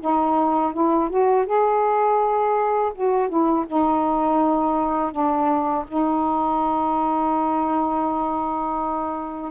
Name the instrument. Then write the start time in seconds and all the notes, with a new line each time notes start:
saxophone
0.00 D#4
0.73 E4
1.09 F#4
1.46 G#4
2.95 F#4
3.29 E4
3.67 D#4
5.12 D4
5.87 D#4